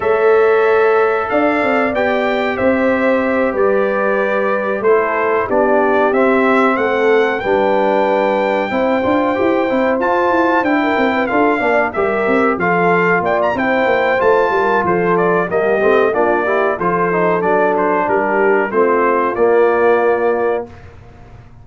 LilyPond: <<
  \new Staff \with { instrumentName = "trumpet" } { \time 4/4 \tempo 4 = 93 e''2 f''4 g''4 | e''4. d''2 c''8~ | c''8 d''4 e''4 fis''4 g''8~ | g''2.~ g''8 a''8~ |
a''8 g''4 f''4 e''4 f''8~ | f''8 g''16 ais''16 g''4 a''4 c''8 d''8 | dis''4 d''4 c''4 d''8 c''8 | ais'4 c''4 d''2 | }
  \new Staff \with { instrumentName = "horn" } { \time 4/4 cis''2 d''2 | c''4. b'2 a'8~ | a'8 g'2 a'4 b'8~ | b'4. c''2~ c''8~ |
c''8. ais'8 b'16 a'8 d''8 ais'4 a'8~ | a'8 d''8 c''4. ais'8 a'4 | g'4 f'8 g'8 a'2 | g'4 f'2. | }
  \new Staff \with { instrumentName = "trombone" } { \time 4/4 a'2. g'4~ | g'2.~ g'8 e'8~ | e'8 d'4 c'2 d'8~ | d'4. e'8 f'8 g'8 e'8 f'8~ |
f'8 e'4 f'8 d'8 g'4 f'8~ | f'4 e'4 f'2 | ais8 c'8 d'8 e'8 f'8 dis'8 d'4~ | d'4 c'4 ais2 | }
  \new Staff \with { instrumentName = "tuba" } { \time 4/4 a2 d'8 c'8 b4 | c'4. g2 a8~ | a8 b4 c'4 a4 g8~ | g4. c'8 d'8 e'8 c'8 f'8 |
e'8 d'8 c'8 d'8 ais8 g8 c'8 f8~ | f8 ais8 c'8 ais8 a8 g8 f4 | g8 a8 ais4 f4 fis4 | g4 a4 ais2 | }
>>